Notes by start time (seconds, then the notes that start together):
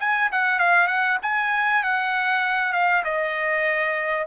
0.00 G#5
0.32 F#5
0.59 F5
0.87 F#5
1.22 G#5
1.83 F#5
2.73 F5
3.04 D#5